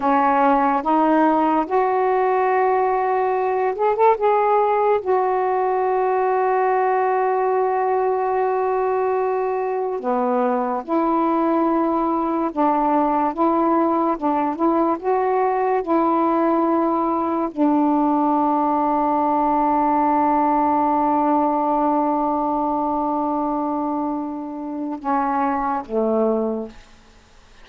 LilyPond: \new Staff \with { instrumentName = "saxophone" } { \time 4/4 \tempo 4 = 72 cis'4 dis'4 fis'2~ | fis'8 gis'16 a'16 gis'4 fis'2~ | fis'1 | b4 e'2 d'4 |
e'4 d'8 e'8 fis'4 e'4~ | e'4 d'2.~ | d'1~ | d'2 cis'4 a4 | }